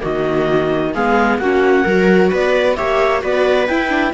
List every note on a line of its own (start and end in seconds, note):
0.00 0.96 D#3
0.00 0.92 A#3
0.00 0.93 F#4
0.00 0.95 D#5
0.94 1.39 G#3
0.94 1.42 B3
0.94 1.40 G#4
0.94 1.38 F5
1.38 1.84 A#3
1.38 1.88 C#4
1.38 1.84 F#4
1.38 2.30 F#5
1.84 2.32 F#3
1.84 2.77 F#4
1.84 2.30 A#4
2.30 2.78 B3
2.30 2.76 B4
2.30 2.76 D5
2.76 3.23 A#3
2.76 3.20 G4
2.76 3.22 C#5
2.76 3.21 E5
3.20 3.69 B3
3.20 3.66 F#4
3.20 4.14 B4
3.20 3.67 D5
3.67 4.14 E4
3.67 3.89 E4
3.67 4.13 G5
3.89 4.12 D4